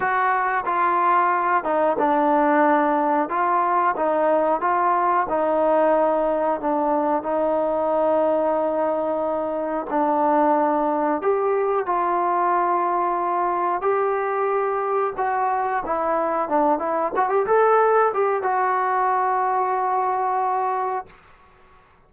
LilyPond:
\new Staff \with { instrumentName = "trombone" } { \time 4/4 \tempo 4 = 91 fis'4 f'4. dis'8 d'4~ | d'4 f'4 dis'4 f'4 | dis'2 d'4 dis'4~ | dis'2. d'4~ |
d'4 g'4 f'2~ | f'4 g'2 fis'4 | e'4 d'8 e'8 fis'16 g'16 a'4 g'8 | fis'1 | }